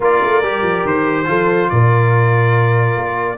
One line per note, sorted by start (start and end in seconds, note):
0.00 0.21 A#3
0.00 0.43 F4
0.00 1.25 A#4
0.00 0.86 D5
0.22 0.42 A3
0.42 0.62 G3
0.42 1.25 G4
0.62 0.83 F3
0.85 1.27 D#3
0.85 1.69 C5
1.25 1.70 F3
1.25 3.36 F4
1.25 1.70 A4
1.69 2.96 A#2
1.69 3.38 A#4
1.69 3.38 D5
2.96 3.38 A#3